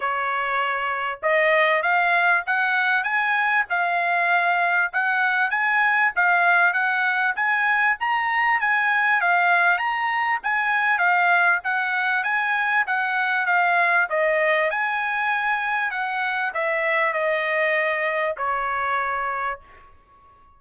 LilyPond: \new Staff \with { instrumentName = "trumpet" } { \time 4/4 \tempo 4 = 98 cis''2 dis''4 f''4 | fis''4 gis''4 f''2 | fis''4 gis''4 f''4 fis''4 | gis''4 ais''4 gis''4 f''4 |
ais''4 gis''4 f''4 fis''4 | gis''4 fis''4 f''4 dis''4 | gis''2 fis''4 e''4 | dis''2 cis''2 | }